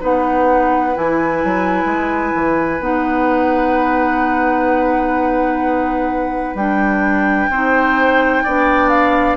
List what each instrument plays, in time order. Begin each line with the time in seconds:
0.00 bassoon B3, clarinet D#4, oboe B4, flute F#5
0.94 bassoon E3, clarinet E4, flute G#5
1.44 bassoon F#3
1.85 bassoon G#3
2.35 bassoon E3
2.80 bassoon B3, clarinet D#4, flute F#5
6.55 bassoon G3, clarinet D4, flute G5
7.50 bassoon C4, clarinet D#4, oboe C5
8.44 bassoon B3, clarinet D4, oboe D5
8.89 flute F5